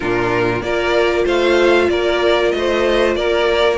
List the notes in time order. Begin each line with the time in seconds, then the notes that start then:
0.00 A#2 D4 F4 A#4
0.61 A#3 F4 A#4 D5
1.24 A3 C5 F5
1.89 A#3 A#4 D5
2.51 A3 D#5
2.57 C5
3.15 A#3 A#4 D5